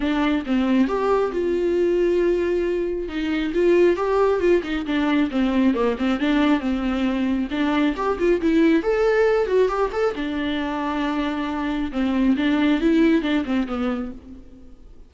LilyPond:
\new Staff \with { instrumentName = "viola" } { \time 4/4 \tempo 4 = 136 d'4 c'4 g'4 f'4~ | f'2. dis'4 | f'4 g'4 f'8 dis'8 d'4 | c'4 ais8 c'8 d'4 c'4~ |
c'4 d'4 g'8 f'8 e'4 | a'4. fis'8 g'8 a'8 d'4~ | d'2. c'4 | d'4 e'4 d'8 c'8 b4 | }